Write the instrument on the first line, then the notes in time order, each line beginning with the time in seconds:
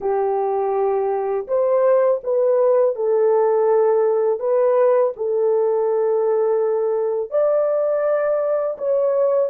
horn
0.00 G4
1.47 C5
2.23 B4
2.95 A4
4.39 B4
5.16 A4
7.30 D5
8.77 C#5